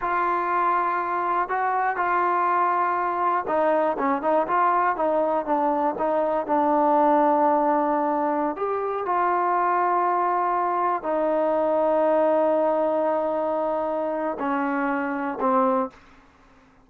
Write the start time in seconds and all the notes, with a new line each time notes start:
0.01 F4
1.49 F#4
1.96 F4
3.47 D#4
3.98 C#4
4.22 D#4
4.47 F4
4.95 D#4
5.45 D4
5.98 D#4
6.46 D4
8.56 G4
9.05 F4
11.02 D#4
14.39 C#4
15.40 C4